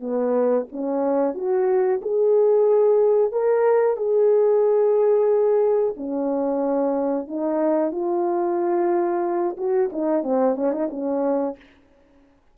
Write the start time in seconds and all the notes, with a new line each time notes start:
0.00 B3
0.72 C#4
1.35 F#4
2.01 G#4
3.32 A#4
3.97 G#4
5.97 C#4
7.27 D#4
7.92 F4
9.57 F#4
9.93 D#4
10.23 C4
10.56 C#4
10.72 D#4
10.90 C#4